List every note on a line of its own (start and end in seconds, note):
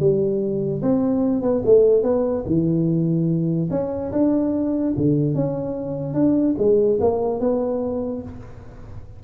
0.00 0.82 G3
0.83 1.43 C4
1.43 1.63 B3
1.66 2.03 A3
2.03 2.44 B3
2.46 3.70 E3
3.71 4.12 C#4
4.12 4.95 D4
4.97 5.35 D3
5.35 6.14 C#4
6.14 6.55 D4
6.58 6.99 G#3
7.01 7.40 A#3
7.40 8.23 B3